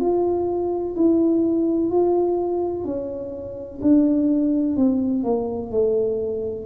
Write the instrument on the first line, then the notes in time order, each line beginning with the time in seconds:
tuba
0.00 F4
0.96 E4
1.90 F4
2.85 C#4
3.82 D4
4.77 C4
5.24 A#3
5.71 A3